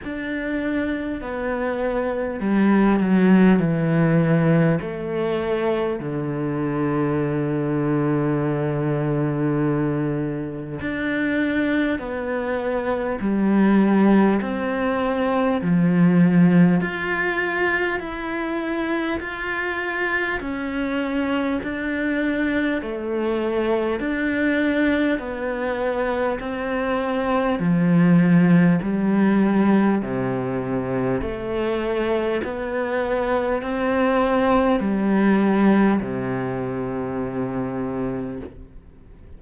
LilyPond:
\new Staff \with { instrumentName = "cello" } { \time 4/4 \tempo 4 = 50 d'4 b4 g8 fis8 e4 | a4 d2.~ | d4 d'4 b4 g4 | c'4 f4 f'4 e'4 |
f'4 cis'4 d'4 a4 | d'4 b4 c'4 f4 | g4 c4 a4 b4 | c'4 g4 c2 | }